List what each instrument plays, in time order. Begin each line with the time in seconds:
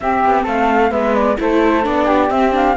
0.00 viola C4, cello C4, flute G4 E5
0.24 cello B3
0.43 cello A3, flute A4 F5
0.90 cello G#3, viola B3, flute B4 E5
1.14 flute D5
1.37 cello A3, viola E4, flute A4 C5
1.83 cello B3, viola D4, flute D5
2.05 flute G4
2.29 cello C4, viola C4, flute E5
2.51 viola D4, flute F5